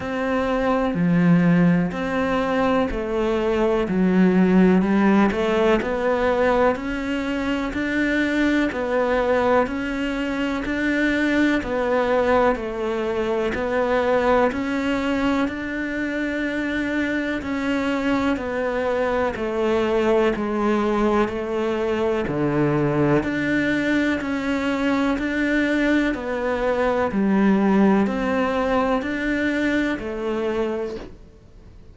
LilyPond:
\new Staff \with { instrumentName = "cello" } { \time 4/4 \tempo 4 = 62 c'4 f4 c'4 a4 | fis4 g8 a8 b4 cis'4 | d'4 b4 cis'4 d'4 | b4 a4 b4 cis'4 |
d'2 cis'4 b4 | a4 gis4 a4 d4 | d'4 cis'4 d'4 b4 | g4 c'4 d'4 a4 | }